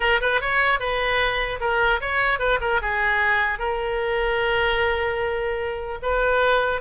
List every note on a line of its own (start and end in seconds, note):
0.00 0.20 A#4
0.20 0.40 B4
0.40 0.79 C#5
0.79 1.59 B4
1.60 2.00 A#4
2.00 2.39 C#5
2.39 2.59 B4
2.61 2.81 A#4
2.81 3.58 G#4
3.58 5.98 A#4
6.02 6.81 B4